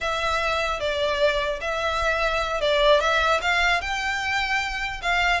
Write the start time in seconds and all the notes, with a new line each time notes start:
0.01 E5
0.79 D5
1.60 E5
2.60 D5
3.00 E5
3.41 F5
3.81 G5
5.01 F5